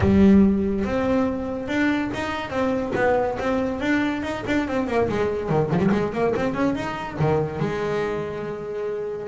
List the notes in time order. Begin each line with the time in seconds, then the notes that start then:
0.00 G3
0.85 C4
1.68 D4
2.13 D#4
2.50 C4
2.95 B3
3.39 C4
3.80 D4
4.23 D#4
4.47 D4
4.67 C4
4.87 A#3
5.08 G#3
5.49 D#3
5.72 F3
5.79 G3
5.91 G#3
6.13 A#3
6.36 C4
6.54 C#4
6.75 D#4
7.19 D#3
7.59 G#3